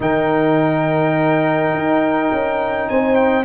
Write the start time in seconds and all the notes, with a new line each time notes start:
0.00 D#3 D#4 A#4 G5
1.73 D#4
2.31 C#4
2.89 C4 C5 G#5
3.15 G5